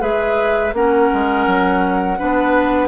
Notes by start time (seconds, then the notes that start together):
0.00 G#3 G#4 B4 E5
0.73 A#3 C#4 A#4 F#5
1.14 G#3
1.47 F#3
2.19 B3 D4 B4